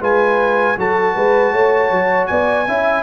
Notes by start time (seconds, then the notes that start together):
0.00 G#3 F4 B4 G#5
0.77 F#3 F#4 A4 A5
1.15 G#3 B4
1.53 A3 C#5
1.91 F#3
2.27 B3 D5 G#5
2.68 C#4 E4 E5